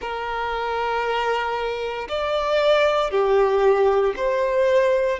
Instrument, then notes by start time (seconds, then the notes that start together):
violin
0.01 A#4
2.08 D5
3.10 G4
4.16 C5